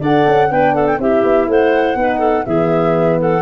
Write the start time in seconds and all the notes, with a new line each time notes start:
0.00 D4 A4 D5 F#5
0.27 C#4
0.51 B3 D4 B4 G5
0.75 A4 F#5
0.87 G5
0.99 C4 E4 G4 E5
1.23 B3
1.48 A3 C5 F#5
1.95 B3 D#4 B4
2.19 A4
2.45 E3 B3 G#4 E5
3.20 A4 F#5